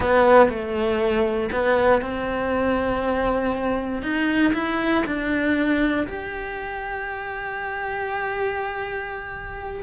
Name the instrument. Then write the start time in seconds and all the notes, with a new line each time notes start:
cello
0.00 B3
0.49 A3
1.51 B3
2.01 C4
4.02 D#4
4.53 E4
5.06 D4
6.07 G4